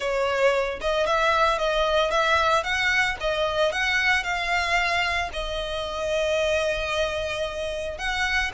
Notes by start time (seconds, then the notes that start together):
0.00 C#5
0.81 D#5
1.06 E5
1.58 D#5
2.10 E5
2.63 F#5
3.20 D#5
3.71 F#5
4.23 F5
5.32 D#5
7.98 F#5